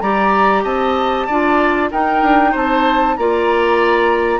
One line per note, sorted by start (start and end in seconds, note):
0.00 0.64 G3
0.00 1.29 G4
0.00 0.63 D5
0.00 0.63 A#5
0.63 1.27 C4
0.63 1.26 D#5
0.63 1.90 A5
1.26 1.92 D4
1.26 1.91 F4
1.26 1.89 D5
1.91 3.17 D#4
1.91 2.22 D#4
1.91 2.51 A#4
1.91 2.54 G5
2.22 2.53 D4
2.51 3.17 C4
2.51 3.14 C5
2.51 3.16 A5
3.16 4.40 A#3
3.16 4.40 F4
3.16 4.40 D5
3.16 4.40 A#5